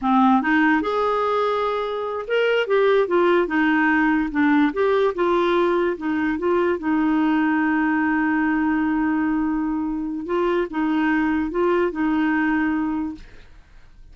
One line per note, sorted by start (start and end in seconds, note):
0.01 0.42 C4
0.42 0.81 D#4
0.81 2.25 G#4
2.27 2.67 A#4
2.67 3.07 G4
3.07 3.47 F4
3.47 4.29 D#4
4.31 4.72 D4
4.73 5.14 G4
5.14 5.96 F4
5.97 6.38 D#4
6.38 6.78 F4
6.78 10.26 D#4
10.26 10.67 F4
10.70 11.50 D#4
11.50 11.91 F4
11.91 13.14 D#4